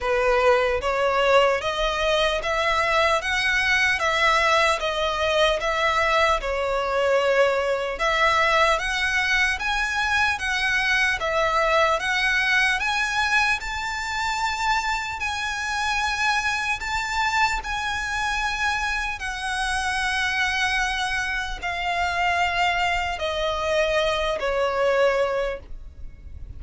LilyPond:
\new Staff \with { instrumentName = "violin" } { \time 4/4 \tempo 4 = 75 b'4 cis''4 dis''4 e''4 | fis''4 e''4 dis''4 e''4 | cis''2 e''4 fis''4 | gis''4 fis''4 e''4 fis''4 |
gis''4 a''2 gis''4~ | gis''4 a''4 gis''2 | fis''2. f''4~ | f''4 dis''4. cis''4. | }